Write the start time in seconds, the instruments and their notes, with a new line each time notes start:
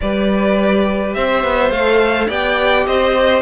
0.00 cello G3, viola G4, violin B4 D5
1.14 cello C4, violin C5 E5
1.43 cello B3
1.70 cello A3, viola A4, violin F5
2.27 cello B3, viola G4, violin D5 G5
2.86 cello C4, violin C5 D#5